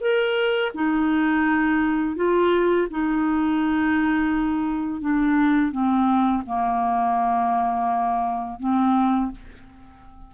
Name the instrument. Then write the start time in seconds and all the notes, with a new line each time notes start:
clarinet
0.00 A#4
0.74 D#4
2.16 F4
2.90 D#4
5.01 D4
5.71 C4
6.46 A#3
8.59 C4